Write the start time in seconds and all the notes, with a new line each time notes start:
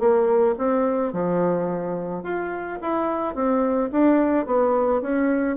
0.00 A#3
0.58 C4
1.13 F3
2.24 F4
2.82 E4
3.35 C4
3.92 D4
4.46 B3
5.02 C#4